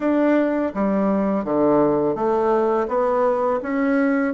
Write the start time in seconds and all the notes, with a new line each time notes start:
0.00 D4
0.74 G3
1.44 D3
2.15 A3
2.88 B3
3.62 C#4